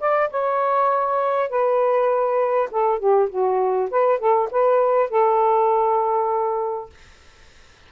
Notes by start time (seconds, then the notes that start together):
0.00 D5
0.31 C#5
1.50 B4
2.71 A4
2.99 G4
3.30 F#4
3.91 B4
4.19 A4
4.51 B4
5.10 A4